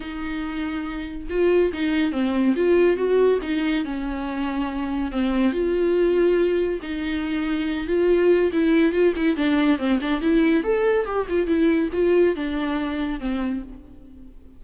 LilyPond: \new Staff \with { instrumentName = "viola" } { \time 4/4 \tempo 4 = 141 dis'2. f'4 | dis'4 c'4 f'4 fis'4 | dis'4 cis'2. | c'4 f'2. |
dis'2~ dis'8 f'4. | e'4 f'8 e'8 d'4 c'8 d'8 | e'4 a'4 g'8 f'8 e'4 | f'4 d'2 c'4 | }